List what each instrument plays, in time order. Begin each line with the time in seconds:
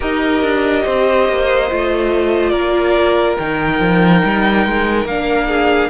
0.00 cello D#4, viola G4, violin A#4 D#5
0.42 cello D4
0.84 cello C4, violin C5
1.29 cello A#3
1.70 cello A3, viola F4
2.49 cello A#3, violin A#4 D5
3.37 cello D#3, viola D#4, violin G5
3.80 cello F3
4.24 cello G3
4.65 cello G#3
5.05 cello A#3, viola D4, violin F5
5.47 violin G#4